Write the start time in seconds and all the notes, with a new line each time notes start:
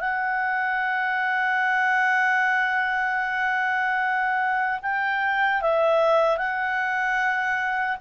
0.00 F#5
4.82 G5
5.61 E5
6.37 F#5